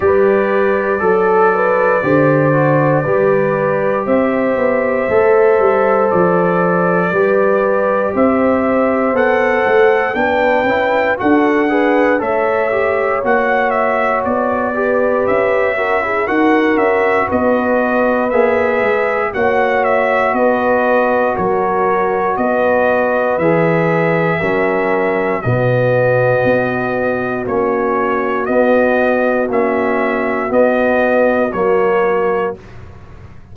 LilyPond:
<<
  \new Staff \with { instrumentName = "trumpet" } { \time 4/4 \tempo 4 = 59 d''1 | e''2 d''2 | e''4 fis''4 g''4 fis''4 | e''4 fis''8 e''8 d''4 e''4 |
fis''8 e''8 dis''4 e''4 fis''8 e''8 | dis''4 cis''4 dis''4 e''4~ | e''4 dis''2 cis''4 | dis''4 e''4 dis''4 cis''4 | }
  \new Staff \with { instrumentName = "horn" } { \time 4/4 b'4 a'8 b'8 c''4 b'4 | c''2. b'4 | c''2 b'4 a'8 b'8 | cis''2~ cis''8 b'4 ais'16 gis'16 |
ais'4 b'2 cis''4 | b'4 ais'4 b'2 | ais'4 fis'2.~ | fis'1 | }
  \new Staff \with { instrumentName = "trombone" } { \time 4/4 g'4 a'4 g'8 fis'8 g'4~ | g'4 a'2 g'4~ | g'4 a'4 d'8 e'8 fis'8 gis'8 | a'8 g'8 fis'4. g'4 fis'16 e'16 |
fis'2 gis'4 fis'4~ | fis'2. gis'4 | cis'4 b2 cis'4 | b4 cis'4 b4 ais4 | }
  \new Staff \with { instrumentName = "tuba" } { \time 4/4 g4 fis4 d4 g4 | c'8 b8 a8 g8 f4 g4 | c'4 b8 a8 b8 cis'8 d'4 | a4 ais4 b4 cis'4 |
dis'8 cis'8 b4 ais8 gis8 ais4 | b4 fis4 b4 e4 | fis4 b,4 b4 ais4 | b4 ais4 b4 fis4 | }
>>